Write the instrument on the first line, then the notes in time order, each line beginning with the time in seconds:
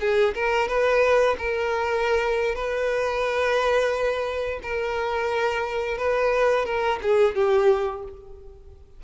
violin
0.00 G#4
0.35 A#4
0.68 B4
1.38 A#4
2.55 B4
4.62 A#4
5.98 B4
6.65 A#4
7.02 G#4
7.35 G4